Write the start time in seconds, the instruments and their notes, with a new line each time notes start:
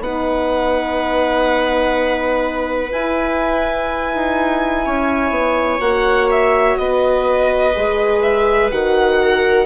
0.00 bassoon B3, horn D#4, viola B4, violin F#5
2.91 horn E4, bassoon E4, violin G#5
4.15 bassoon D#4
4.86 bassoon C#4, viola C#5
5.31 bassoon B3
5.80 bassoon A#3, horn F#4, violin F#5
6.31 violin E5
6.78 bassoon B3, viola B4, violin D#5
7.75 bassoon G#3, horn G#4
8.23 violin E5
8.71 bassoon D#3, horn F#4, violin F#5
9.23 viola A#4